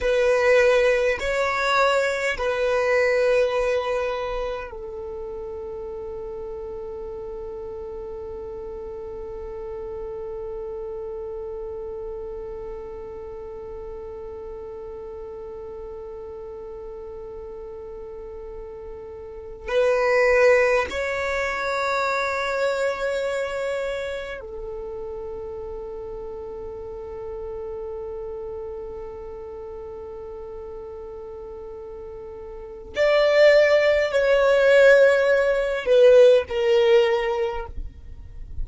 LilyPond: \new Staff \with { instrumentName = "violin" } { \time 4/4 \tempo 4 = 51 b'4 cis''4 b'2 | a'1~ | a'1~ | a'1~ |
a'8. b'4 cis''2~ cis''16~ | cis''8. a'2.~ a'16~ | a'1 | d''4 cis''4. b'8 ais'4 | }